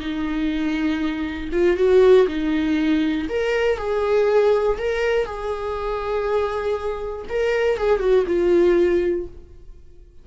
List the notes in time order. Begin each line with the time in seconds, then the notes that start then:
0.00 D#4
1.52 F4
1.77 F#4
2.28 D#4
3.30 A#4
3.78 G#4
4.78 A#4
5.26 G#4
7.29 A#4
7.77 G#4
8.00 F#4
8.27 F4